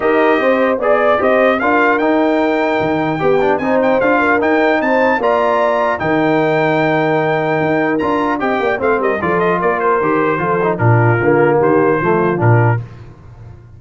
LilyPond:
<<
  \new Staff \with { instrumentName = "trumpet" } { \time 4/4 \tempo 4 = 150 dis''2 d''4 dis''4 | f''4 g''2.~ | g''4 gis''8 g''8 f''4 g''4 | a''4 ais''2 g''4~ |
g''1 | ais''4 g''4 f''8 dis''8 d''8 dis''8 | d''8 c''2~ c''8 ais'4~ | ais'4 c''2 ais'4 | }
  \new Staff \with { instrumentName = "horn" } { \time 4/4 ais'4 c''4 d''4 c''4 | ais'1 | g'4 c''4. ais'4. | c''4 d''2 ais'4~ |
ais'1~ | ais'4 dis''8 d''8 c''8 ais'8 a'4 | ais'2 a'4 f'4~ | f'4 g'4 f'2 | }
  \new Staff \with { instrumentName = "trombone" } { \time 4/4 g'2 gis'4 g'4 | f'4 dis'2. | g'8 d'8 dis'4 f'4 dis'4~ | dis'4 f'2 dis'4~ |
dis'1 | f'4 g'4 c'4 f'4~ | f'4 g'4 f'8 dis'8 d'4 | ais2 a4 d'4 | }
  \new Staff \with { instrumentName = "tuba" } { \time 4/4 dis'4 c'4 b4 c'4 | d'4 dis'2 dis4 | b4 c'4 d'4 dis'4 | c'4 ais2 dis4~ |
dis2. dis'4 | d'4 c'8 ais8 a8 g8 f4 | ais4 dis4 f4 ais,4 | d4 dis4 f4 ais,4 | }
>>